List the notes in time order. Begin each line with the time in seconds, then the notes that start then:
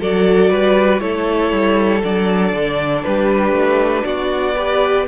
0.00 F#3 F#4 A4 D5
0.50 G3 B4
1.00 A3 E4 A4 C#5
1.52 G3
2.03 F#3 D4 D5
2.53 D3
3.04 G3 G4 B4
3.52 A3
4.05 B3 F#4 D5
4.56 G4 B4